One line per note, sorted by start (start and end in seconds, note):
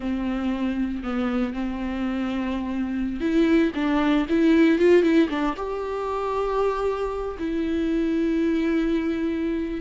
0.00 1.03 C4
1.03 1.53 B3
1.53 3.20 C4
3.20 3.72 E4
3.75 4.26 D4
4.29 4.78 E4
4.78 5.02 F4
5.02 5.28 E4
5.29 5.55 D4
5.56 7.37 G4
7.38 9.80 E4